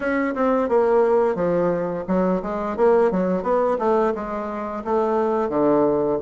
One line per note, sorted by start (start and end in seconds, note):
0.00 0.34 C#4
0.34 0.68 C4
0.68 1.35 A#3
1.35 2.04 F3
2.07 2.41 F#3
2.42 2.76 G#3
2.76 3.11 A#3
3.11 3.43 F#3
3.43 3.77 B3
3.78 4.13 A3
4.14 4.83 G#3
4.84 5.49 A3
5.49 6.18 D3